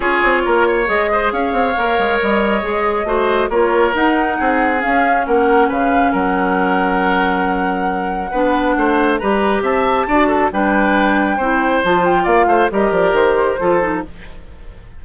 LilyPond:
<<
  \new Staff \with { instrumentName = "flute" } { \time 4/4 \tempo 4 = 137 cis''2 dis''4 f''4~ | f''4 dis''2. | cis''4 fis''2 f''4 | fis''4 f''4 fis''2~ |
fis''1~ | fis''4 ais''4 a''2 | g''2. a''8 g''8 | f''4 dis''8 d''8 c''2 | }
  \new Staff \with { instrumentName = "oboe" } { \time 4/4 gis'4 ais'8 cis''4 c''8 cis''4~ | cis''2. c''4 | ais'2 gis'2 | ais'4 b'4 ais'2~ |
ais'2. b'4 | c''4 b'4 e''4 d''8 a'8 | b'2 c''2 | d''8 c''8 ais'2 a'4 | }
  \new Staff \with { instrumentName = "clarinet" } { \time 4/4 f'2 gis'2 | ais'2 gis'4 fis'4 | f'4 dis'2 cis'4~ | cis'1~ |
cis'2. d'4~ | d'4 g'2 fis'4 | d'2 e'4 f'4~ | f'4 g'2 f'8 dis'8 | }
  \new Staff \with { instrumentName = "bassoon" } { \time 4/4 cis'8 c'8 ais4 gis4 cis'8 c'8 | ais8 gis8 g4 gis4 a4 | ais4 dis'4 c'4 cis'4 | ais4 cis4 fis2~ |
fis2. b4 | a4 g4 c'4 d'4 | g2 c'4 f4 | ais8 a8 g8 f8 dis4 f4 | }
>>